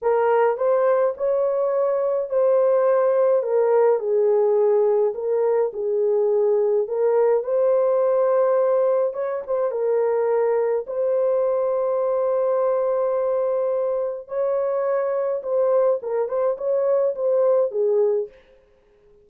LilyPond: \new Staff \with { instrumentName = "horn" } { \time 4/4 \tempo 4 = 105 ais'4 c''4 cis''2 | c''2 ais'4 gis'4~ | gis'4 ais'4 gis'2 | ais'4 c''2. |
cis''8 c''8 ais'2 c''4~ | c''1~ | c''4 cis''2 c''4 | ais'8 c''8 cis''4 c''4 gis'4 | }